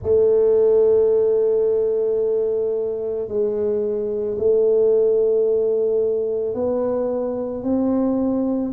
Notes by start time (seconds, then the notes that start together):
0.02 A3
3.27 G#3
4.38 A3
6.54 B3
7.63 C4